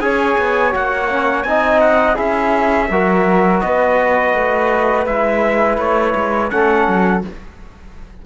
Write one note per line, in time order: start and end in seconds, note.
0.00 0.36 C#4
0.00 0.72 G#4
0.00 1.48 C#5
0.00 0.73 G#5
0.38 0.74 B3
0.72 1.45 A#3
0.72 1.08 F#4
0.72 1.43 F#5
1.09 1.45 C#4
1.43 2.17 C4
1.43 2.15 D#4
1.43 2.15 D#5
1.43 1.80 G#5
1.80 2.16 F#5
2.15 2.89 C#4
2.15 2.87 E4
2.15 2.87 G#4
2.15 3.61 E5
2.89 3.62 F#3
2.89 5.08 F#4
2.89 3.64 A#4
3.61 4.34 B3
3.61 6.53 B4
3.61 5.05 D#5
4.34 5.06 A3
5.06 5.78 G#3
5.06 6.51 E4
5.06 5.78 E5
5.78 6.14 A3
5.78 6.50 C#5
6.15 6.52 G#3
6.50 6.88 A3
6.50 7.23 C#4
6.50 7.26 A4
6.50 7.22 F#5
6.88 7.24 F#3